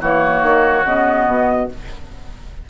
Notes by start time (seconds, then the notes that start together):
0.00 E3 A#3 F#4 C#5
0.42 D#3
0.84 C#3 B3 D#5
1.26 B2